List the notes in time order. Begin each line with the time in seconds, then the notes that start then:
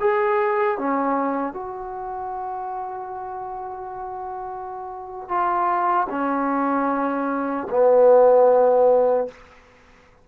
0.00 G#4
0.78 C#4
1.53 F#4
5.28 F4
6.10 C#4
7.70 B3